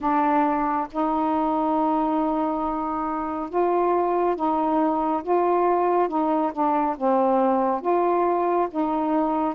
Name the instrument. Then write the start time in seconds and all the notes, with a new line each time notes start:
saxophone
0.00 D4
0.91 D#4
3.49 F4
4.36 D#4
5.23 F4
6.08 D#4
6.52 D4
6.97 C4
7.81 F4
8.70 D#4